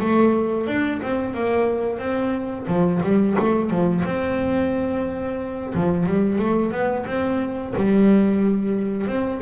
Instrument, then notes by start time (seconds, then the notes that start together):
double bass
0.00 A3
0.67 D4
1.02 C4
1.34 A#3
1.99 C4
2.67 F3
3.03 G3
3.39 A3
3.70 F3
4.05 C4
5.75 F3
6.06 G3
6.39 A3
6.72 B3
7.06 C4
7.76 G3
9.07 C4